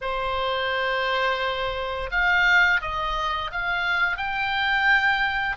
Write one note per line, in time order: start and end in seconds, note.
0.01 2.10 C5
2.11 2.81 F5
2.81 3.51 D#5
3.51 4.17 F5
4.17 5.56 G5